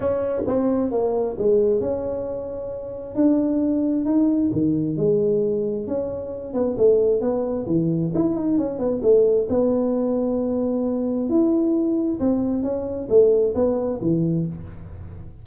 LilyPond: \new Staff \with { instrumentName = "tuba" } { \time 4/4 \tempo 4 = 133 cis'4 c'4 ais4 gis4 | cis'2. d'4~ | d'4 dis'4 dis4 gis4~ | gis4 cis'4. b8 a4 |
b4 e4 e'8 dis'8 cis'8 b8 | a4 b2.~ | b4 e'2 c'4 | cis'4 a4 b4 e4 | }